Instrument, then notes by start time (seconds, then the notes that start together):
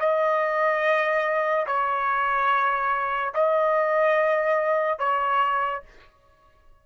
trumpet
0.00 D#5
1.67 C#5
3.34 D#5
4.99 C#5